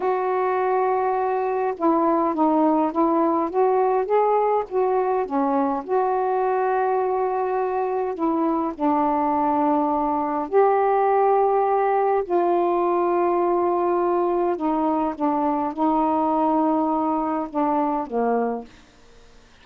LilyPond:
\new Staff \with { instrumentName = "saxophone" } { \time 4/4 \tempo 4 = 103 fis'2. e'4 | dis'4 e'4 fis'4 gis'4 | fis'4 cis'4 fis'2~ | fis'2 e'4 d'4~ |
d'2 g'2~ | g'4 f'2.~ | f'4 dis'4 d'4 dis'4~ | dis'2 d'4 ais4 | }